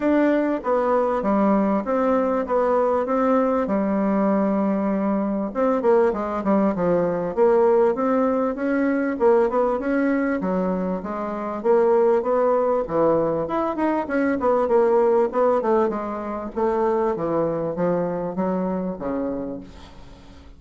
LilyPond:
\new Staff \with { instrumentName = "bassoon" } { \time 4/4 \tempo 4 = 98 d'4 b4 g4 c'4 | b4 c'4 g2~ | g4 c'8 ais8 gis8 g8 f4 | ais4 c'4 cis'4 ais8 b8 |
cis'4 fis4 gis4 ais4 | b4 e4 e'8 dis'8 cis'8 b8 | ais4 b8 a8 gis4 a4 | e4 f4 fis4 cis4 | }